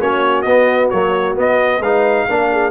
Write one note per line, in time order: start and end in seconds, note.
0.00 0.46 A#3
0.00 0.46 C#4
0.00 1.82 F#4
0.00 0.43 C#5
0.43 0.91 B3
0.43 0.93 B3
0.43 0.88 D#5
0.90 1.36 F#3
0.90 1.38 A#3
0.90 1.36 C#5
1.36 1.82 B3
1.36 1.80 B3
1.36 1.83 D#5
1.80 2.26 G#3
1.80 2.29 D#4
1.80 2.28 B4
1.80 2.71 F5
2.28 2.71 A#3
2.28 2.71 D4
2.28 2.51 A#4
2.52 2.71 G#4